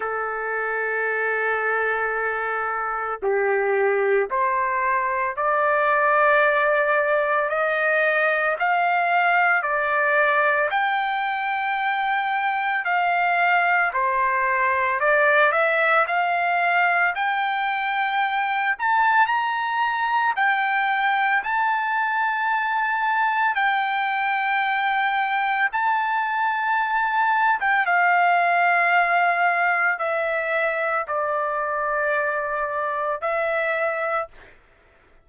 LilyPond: \new Staff \with { instrumentName = "trumpet" } { \time 4/4 \tempo 4 = 56 a'2. g'4 | c''4 d''2 dis''4 | f''4 d''4 g''2 | f''4 c''4 d''8 e''8 f''4 |
g''4. a''8 ais''4 g''4 | a''2 g''2 | a''4.~ a''16 g''16 f''2 | e''4 d''2 e''4 | }